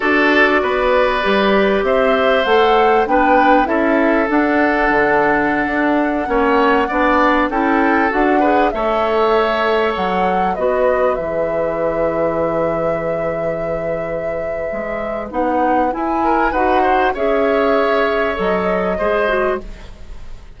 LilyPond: <<
  \new Staff \with { instrumentName = "flute" } { \time 4/4 \tempo 4 = 98 d''2. e''4 | fis''4 g''4 e''4 fis''4~ | fis''1~ | fis''16 g''4 fis''4 e''4.~ e''16~ |
e''16 fis''4 dis''4 e''4.~ e''16~ | e''1~ | e''4 fis''4 gis''4 fis''4 | e''2 dis''2 | }
  \new Staff \with { instrumentName = "oboe" } { \time 4/4 a'4 b'2 c''4~ | c''4 b'4 a'2~ | a'2~ a'16 cis''4 d''8.~ | d''16 a'4. b'8 cis''4.~ cis''16~ |
cis''4~ cis''16 b'2~ b'8.~ | b'1~ | b'2~ b'8 ais'8 b'8 c''8 | cis''2. c''4 | }
  \new Staff \with { instrumentName = "clarinet" } { \time 4/4 fis'2 g'2 | a'4 d'4 e'4 d'4~ | d'2~ d'16 cis'4 d'8.~ | d'16 e'4 fis'8 gis'8 a'4.~ a'16~ |
a'4~ a'16 fis'4 gis'4.~ gis'16~ | gis'1~ | gis'4 dis'4 e'4 fis'4 | gis'2 a'4 gis'8 fis'8 | }
  \new Staff \with { instrumentName = "bassoon" } { \time 4/4 d'4 b4 g4 c'4 | a4 b4 cis'4 d'4 | d4~ d16 d'4 ais4 b8.~ | b16 cis'4 d'4 a4.~ a16~ |
a16 fis4 b4 e4.~ e16~ | e1 | gis4 b4 e'4 dis'4 | cis'2 fis4 gis4 | }
>>